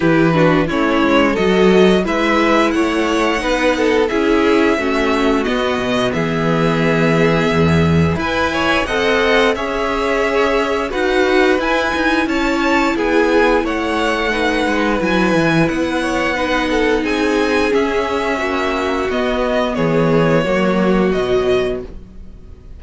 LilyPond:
<<
  \new Staff \with { instrumentName = "violin" } { \time 4/4 \tempo 4 = 88 b'4 cis''4 dis''4 e''4 | fis''2 e''2 | dis''4 e''2. | gis''4 fis''4 e''2 |
fis''4 gis''4 a''4 gis''4 | fis''2 gis''4 fis''4~ | fis''4 gis''4 e''2 | dis''4 cis''2 dis''4 | }
  \new Staff \with { instrumentName = "violin" } { \time 4/4 g'8 fis'8 e'4 a'4 b'4 | cis''4 b'8 a'8 gis'4 fis'4~ | fis'4 gis'2. | b'8 cis''8 dis''4 cis''2 |
b'2 cis''4 gis'4 | cis''4 b'2~ b'8 cis''8 | b'8 a'8 gis'2 fis'4~ | fis'4 gis'4 fis'2 | }
  \new Staff \with { instrumentName = "viola" } { \time 4/4 e'8 d'8 cis'4 fis'4 e'4~ | e'4 dis'4 e'4 cis'4 | b1 | b'4 a'4 gis'2 |
fis'4 e'2.~ | e'4 dis'4 e'2 | dis'2 cis'2 | b2 ais4 fis4 | }
  \new Staff \with { instrumentName = "cello" } { \time 4/4 e4 a8 gis8 fis4 gis4 | a4 b4 cis'4 a4 | b8 b,8 e2 e,4 | e'4 c'4 cis'2 |
dis'4 e'8 dis'8 cis'4 b4 | a4. gis8 fis8 e8 b4~ | b4 c'4 cis'4 ais4 | b4 e4 fis4 b,4 | }
>>